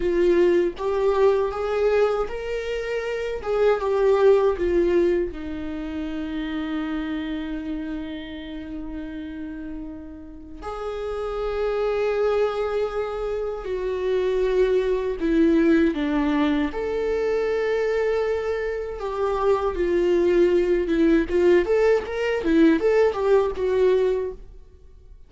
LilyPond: \new Staff \with { instrumentName = "viola" } { \time 4/4 \tempo 4 = 79 f'4 g'4 gis'4 ais'4~ | ais'8 gis'8 g'4 f'4 dis'4~ | dis'1~ | dis'2 gis'2~ |
gis'2 fis'2 | e'4 d'4 a'2~ | a'4 g'4 f'4. e'8 | f'8 a'8 ais'8 e'8 a'8 g'8 fis'4 | }